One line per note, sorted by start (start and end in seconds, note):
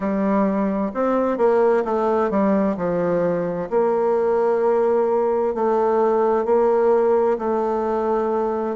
0.00 0.91 G3
0.94 1.37 C4
1.37 1.83 A#3
1.84 2.30 A3
2.30 2.76 G3
2.77 3.69 F3
3.69 5.54 A#3
5.54 6.45 A3
6.45 7.37 A#3
7.38 8.76 A3